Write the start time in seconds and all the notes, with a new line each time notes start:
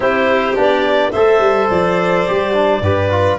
0.00 C4 E4 G4 C5
0.54 B3 D4
0.61 D5
1.11 A3 A4 C5 E5
1.40 G3
1.69 F3 D5
2.27 G3 G4
2.53 D4
2.81 G2 G4 B4
3.10 F4